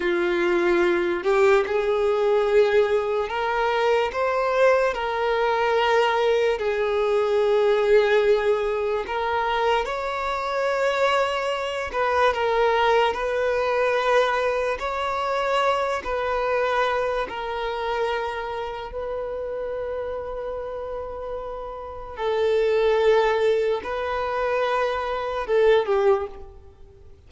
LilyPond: \new Staff \with { instrumentName = "violin" } { \time 4/4 \tempo 4 = 73 f'4. g'8 gis'2 | ais'4 c''4 ais'2 | gis'2. ais'4 | cis''2~ cis''8 b'8 ais'4 |
b'2 cis''4. b'8~ | b'4 ais'2 b'4~ | b'2. a'4~ | a'4 b'2 a'8 g'8 | }